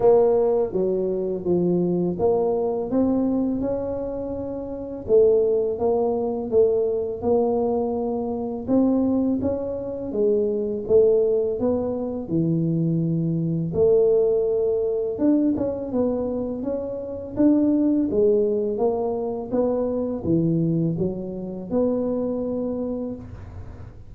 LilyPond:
\new Staff \with { instrumentName = "tuba" } { \time 4/4 \tempo 4 = 83 ais4 fis4 f4 ais4 | c'4 cis'2 a4 | ais4 a4 ais2 | c'4 cis'4 gis4 a4 |
b4 e2 a4~ | a4 d'8 cis'8 b4 cis'4 | d'4 gis4 ais4 b4 | e4 fis4 b2 | }